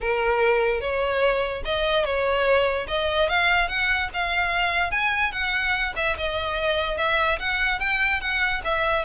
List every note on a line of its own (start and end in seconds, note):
0.00 0.80 A#4
0.80 1.63 C#5
1.64 2.04 D#5
2.04 2.87 C#5
2.87 3.28 D#5
3.28 3.68 F5
3.68 4.09 F#5
4.13 4.91 F5
4.91 5.31 G#5
5.31 5.93 F#5
5.96 6.16 E5
6.17 6.97 D#5
6.97 7.38 E5
7.39 7.79 F#5
7.79 8.20 G5
8.20 8.61 F#5
8.64 9.04 E5